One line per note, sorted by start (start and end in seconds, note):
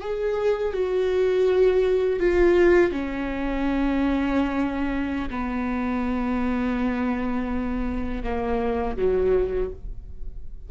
0.00 0.73 G#4
0.73 2.19 F#4
2.19 2.91 F4
2.91 5.29 C#4
5.30 8.23 B3
8.23 8.96 A#3
8.96 9.70 F#3